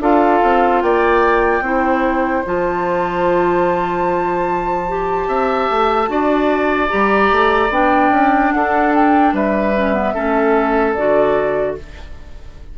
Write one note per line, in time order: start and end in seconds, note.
0.00 0.41 D4
0.00 1.63 F4
0.00 0.83 A4
0.00 0.82 F5
0.43 0.82 C4
0.82 1.61 A#3
0.82 1.64 D5
0.82 2.44 G5
1.61 2.42 C4
1.61 2.44 E4
1.61 5.28 C5
2.45 5.28 F3
2.45 4.88 F4
2.45 6.90 A5
4.88 6.07 G4
5.28 5.68 C4
5.28 6.09 E5
5.70 6.08 A3
6.07 6.90 D4
6.07 6.89 F#4
6.07 8.54 D5
6.89 7.32 G3
6.89 7.70 G4
6.89 7.71 A#5
7.32 7.70 A3
7.70 8.10 B3
7.70 9.73 D4
7.70 8.52 G5
8.10 8.51 C#4
8.52 9.33 D4
8.52 9.34 A4
8.52 8.93 F#5
8.94 9.35 G5
9.33 10.14 G3
9.33 10.14 B4
9.33 10.94 E5
9.76 9.93 C#4
9.93 10.14 B3
10.14 10.97 A3
10.14 10.96 C#4
10.14 11.76 A4
10.94 11.78 D3
10.94 11.78 F#4
10.94 11.75 D5